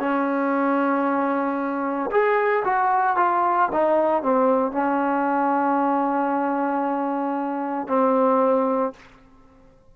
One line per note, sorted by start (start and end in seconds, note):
0.00 2.11 C#4
2.11 2.64 G#4
2.65 3.17 F#4
3.17 3.69 F4
3.72 4.23 D#4
4.23 4.72 C4
4.72 7.88 C#4
7.88 8.93 C4